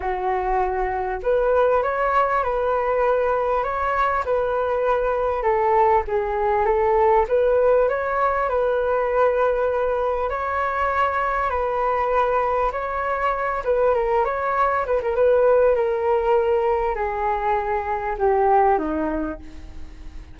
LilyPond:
\new Staff \with { instrumentName = "flute" } { \time 4/4 \tempo 4 = 99 fis'2 b'4 cis''4 | b'2 cis''4 b'4~ | b'4 a'4 gis'4 a'4 | b'4 cis''4 b'2~ |
b'4 cis''2 b'4~ | b'4 cis''4. b'8 ais'8 cis''8~ | cis''8 b'16 ais'16 b'4 ais'2 | gis'2 g'4 dis'4 | }